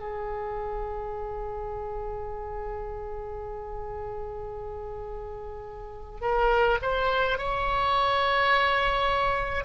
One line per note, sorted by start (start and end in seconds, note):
0.00 6.22 G#4
6.22 6.78 A#4
6.82 7.38 C5
7.38 9.65 C#5